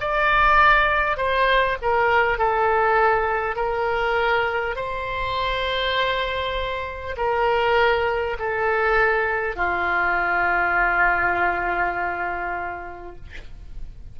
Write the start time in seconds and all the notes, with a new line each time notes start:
0.00 D5
1.17 C5
1.82 A#4
2.38 A4
3.56 A#4
4.76 C5
7.17 A#4
8.39 A4
9.56 F4